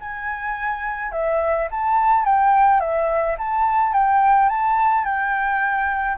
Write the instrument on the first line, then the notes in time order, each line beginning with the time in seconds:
flute
0.00 G#5
1.12 E5
1.71 A5
2.25 G5
2.80 E5
3.38 A5
3.93 G5
4.49 A5
5.04 G5